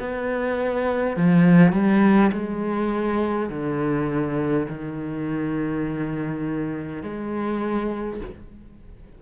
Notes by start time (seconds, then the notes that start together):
0.00 B3
1.17 F3
1.73 G3
2.33 G#3
3.50 D3
4.69 D#3
7.03 G#3